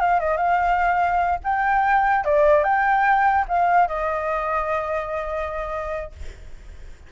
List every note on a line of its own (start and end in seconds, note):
0.00 0.20 F5
0.20 0.37 D#5
0.37 1.39 F5
1.44 2.25 G5
2.25 2.64 D5
2.64 3.45 G5
3.48 3.88 F5
3.88 6.12 D#5